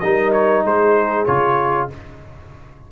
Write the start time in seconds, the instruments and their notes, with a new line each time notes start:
0.00 tuba G3, trombone D#4, horn A#4, trumpet D#5
0.33 trumpet C#5
0.64 tuba G#3, horn G#4, trumpet C5
1.26 tuba C#3, trombone F4, trumpet C#5